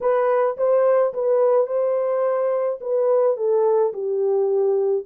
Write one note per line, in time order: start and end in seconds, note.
0.01 0.57 B4
0.57 1.13 C5
1.13 1.67 B4
1.67 2.79 C5
2.80 3.36 B4
3.36 3.93 A4
3.93 5.05 G4